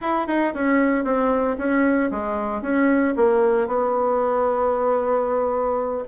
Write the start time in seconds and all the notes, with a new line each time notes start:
0.01 E4
0.27 D#4
0.54 C#4
1.04 C4
1.57 C#4
2.11 G#3
2.61 C#4
3.16 A#3
3.67 B3